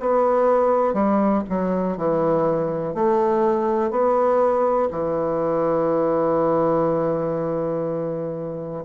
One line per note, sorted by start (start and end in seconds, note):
0.00 0.93 B3
0.93 1.43 G3
1.49 1.97 F#3
1.97 2.94 E3
2.94 3.91 A3
3.91 4.89 B3
4.91 8.84 E3